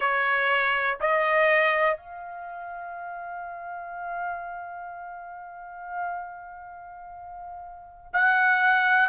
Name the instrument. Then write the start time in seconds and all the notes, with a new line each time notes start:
trumpet
0.00 C#5
1.00 D#5
1.97 F5
8.13 F#5